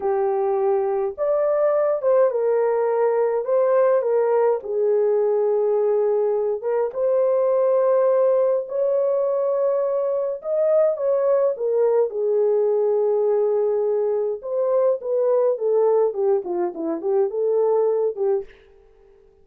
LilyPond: \new Staff \with { instrumentName = "horn" } { \time 4/4 \tempo 4 = 104 g'2 d''4. c''8 | ais'2 c''4 ais'4 | gis'2.~ gis'8 ais'8 | c''2. cis''4~ |
cis''2 dis''4 cis''4 | ais'4 gis'2.~ | gis'4 c''4 b'4 a'4 | g'8 f'8 e'8 g'8 a'4. g'8 | }